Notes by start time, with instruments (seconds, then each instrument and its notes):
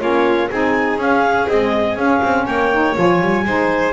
0.00 double bass A#3, saxophone C#4, violin F4, clarinet C#5
0.50 double bass C4, saxophone D#4, violin G#4, clarinet G#5
0.98 double bass C#4, saxophone C#4, clarinet F5
1.48 saxophone G#3, double bass C4, clarinet D#5
1.97 double bass C#4, saxophone C#4, clarinet F5
2.23 double bass C4
2.46 double bass A#3, violin C#5, clarinet G5
2.73 saxophone D#4
2.95 double bass F3, saxophone F4, clarinet G#5
3.22 double bass G3
3.45 double bass G#3, saxophone D#4, violin C5